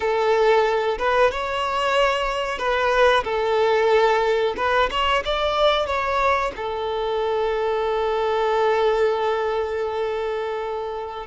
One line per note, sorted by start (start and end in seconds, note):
0.00 0.98 A4
0.98 1.31 B4
1.31 2.58 C#5
2.58 3.23 B4
3.24 4.54 A4
4.57 4.89 B4
4.90 5.23 C#5
5.25 5.86 D5
5.86 6.51 C#5
6.55 11.26 A4